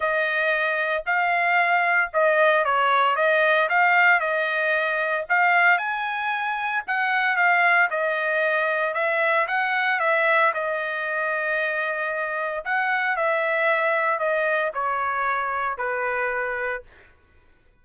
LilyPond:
\new Staff \with { instrumentName = "trumpet" } { \time 4/4 \tempo 4 = 114 dis''2 f''2 | dis''4 cis''4 dis''4 f''4 | dis''2 f''4 gis''4~ | gis''4 fis''4 f''4 dis''4~ |
dis''4 e''4 fis''4 e''4 | dis''1 | fis''4 e''2 dis''4 | cis''2 b'2 | }